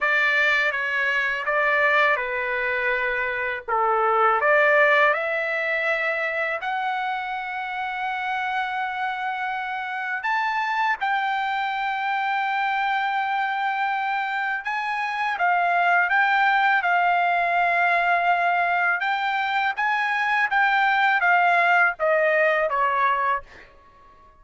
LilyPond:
\new Staff \with { instrumentName = "trumpet" } { \time 4/4 \tempo 4 = 82 d''4 cis''4 d''4 b'4~ | b'4 a'4 d''4 e''4~ | e''4 fis''2.~ | fis''2 a''4 g''4~ |
g''1 | gis''4 f''4 g''4 f''4~ | f''2 g''4 gis''4 | g''4 f''4 dis''4 cis''4 | }